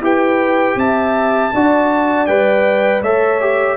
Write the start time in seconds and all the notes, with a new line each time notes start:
0.00 E4 G4 B4 G5
0.75 C4 E5 A5
1.53 D4 F#4 D5
2.26 G3 B4 G5
3.02 A3 A4 C#5 E5
3.40 G4